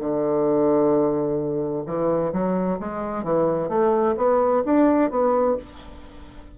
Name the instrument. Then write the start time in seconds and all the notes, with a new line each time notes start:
bassoon
0.00 D3
1.86 E3
2.32 F#3
2.80 G#3
3.24 E3
3.69 A3
4.17 B3
4.65 D4
5.10 B3